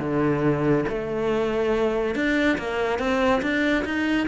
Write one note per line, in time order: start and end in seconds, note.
0.00 0.85 D3
0.89 2.15 A3
2.15 2.58 D4
2.58 2.99 A#3
2.99 3.42 C4
3.42 3.85 D4
3.85 4.28 D#4